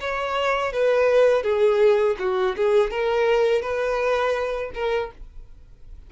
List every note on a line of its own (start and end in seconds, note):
0.00 0.72 C#5
0.72 1.43 B4
1.43 2.16 G#4
2.19 2.55 F#4
2.56 2.90 G#4
2.90 3.62 A#4
3.62 4.71 B4
4.74 5.11 A#4